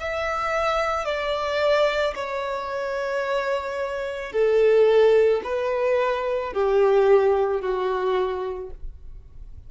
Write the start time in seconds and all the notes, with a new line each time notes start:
0.00 E5
1.06 D5
2.16 C#5
4.32 A4
5.44 B4
6.54 G4
7.62 F#4